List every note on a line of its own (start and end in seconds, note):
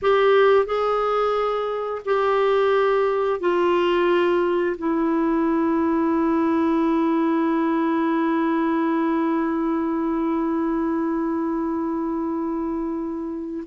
0.02 0.65 G4
0.65 2.01 G#4
2.05 3.40 G4
3.40 4.76 F4
4.77 13.64 E4